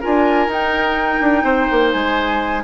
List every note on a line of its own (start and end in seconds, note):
0.00 0.47 D4
0.00 0.49 F4
0.00 1.43 A#4
0.00 0.50 G#5
0.47 1.19 D#4
0.47 2.63 D#4
0.47 1.91 G5
1.20 1.43 D4
1.43 1.67 C4
1.43 2.63 C5
1.71 1.94 A#3
1.91 2.63 G#3
1.91 2.63 G#5